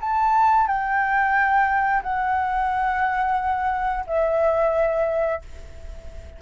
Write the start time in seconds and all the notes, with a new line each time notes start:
0.00 A5
0.67 G5
2.02 F#5
4.06 E5